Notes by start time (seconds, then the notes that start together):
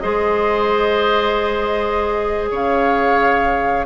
0.00 G#3 G#4 C5 D#5
2.51 C#3 C#5 F5